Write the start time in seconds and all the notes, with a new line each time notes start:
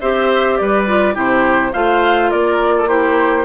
0.00 C4 G4 C5 E5
0.57 G3 B4 D5
0.87 F4
1.13 C3 E4 G4 C5
1.72 A3 F4 C5 F5
2.30 A#3 A#4 D5
2.77 A4
2.87 E4 G4 C5